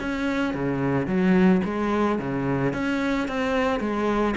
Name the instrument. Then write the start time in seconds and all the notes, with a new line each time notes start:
cello
0.00 C#4
0.54 C#3
1.07 F#3
1.64 G#3
2.18 C#3
2.73 C#4
3.28 C4
3.80 G#3